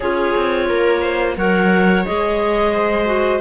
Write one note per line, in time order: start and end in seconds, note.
0.00 0.35 C#4
0.00 1.37 F4
0.00 0.66 G#4
0.00 1.33 C#5
0.35 0.69 C4
0.68 1.36 A#3
0.68 1.01 A#4
1.01 1.35 C5
1.36 2.05 F#3
1.36 2.05 A#4
1.36 2.72 C#5
1.36 2.05 F#5
2.05 3.40 G#3
2.05 3.05 G#4
2.05 3.40 D#5
2.72 3.40 C5
3.05 3.39 F#4